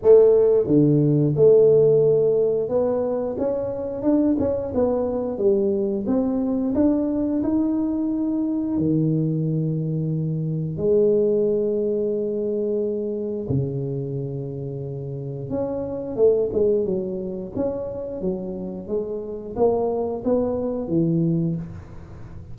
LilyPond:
\new Staff \with { instrumentName = "tuba" } { \time 4/4 \tempo 4 = 89 a4 d4 a2 | b4 cis'4 d'8 cis'8 b4 | g4 c'4 d'4 dis'4~ | dis'4 dis2. |
gis1 | cis2. cis'4 | a8 gis8 fis4 cis'4 fis4 | gis4 ais4 b4 e4 | }